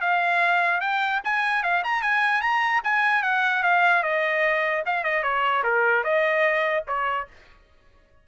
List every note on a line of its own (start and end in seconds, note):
0.00 0.80 F5
0.80 1.21 G5
1.24 1.62 G#5
1.62 1.82 F5
1.84 2.02 A#5
2.02 2.41 G#5
2.41 2.81 A#5
2.84 3.22 G#5
3.22 3.62 F#5
3.62 4.02 F5
4.02 4.83 D#5
4.86 5.03 F5
5.03 5.22 D#5
5.22 5.63 C#5
5.63 6.03 A#4
6.03 6.84 D#5
6.87 7.27 C#5